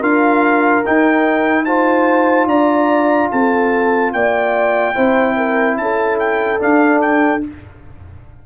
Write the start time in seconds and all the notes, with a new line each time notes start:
0.00 D4 F4 A#4 F5
0.85 D#4 G5
1.65 F4 C5 A5
2.46 D4 D5 A#5
3.31 C4 A4 A5
4.13 A#3 D5 G5
4.95 C4 E4 C5
5.37 A#4
5.77 C#4 A4 A5
6.19 G5
6.59 D4 F5
7.01 G5